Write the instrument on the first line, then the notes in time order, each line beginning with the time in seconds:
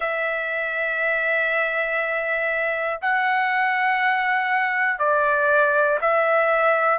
trumpet
0.00 E5
3.01 F#5
4.98 D5
6.01 E5